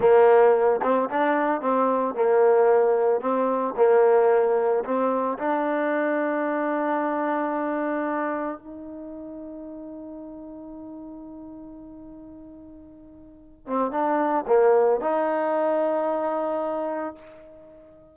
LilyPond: \new Staff \with { instrumentName = "trombone" } { \time 4/4 \tempo 4 = 112 ais4. c'8 d'4 c'4 | ais2 c'4 ais4~ | ais4 c'4 d'2~ | d'1 |
dis'1~ | dis'1~ | dis'4. c'8 d'4 ais4 | dis'1 | }